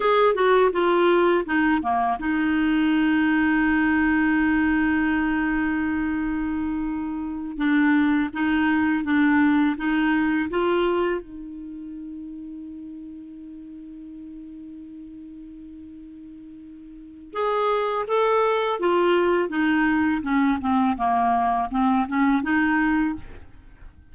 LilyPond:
\new Staff \with { instrumentName = "clarinet" } { \time 4/4 \tempo 4 = 83 gis'8 fis'8 f'4 dis'8 ais8 dis'4~ | dis'1~ | dis'2~ dis'8 d'4 dis'8~ | dis'8 d'4 dis'4 f'4 dis'8~ |
dis'1~ | dis'1 | gis'4 a'4 f'4 dis'4 | cis'8 c'8 ais4 c'8 cis'8 dis'4 | }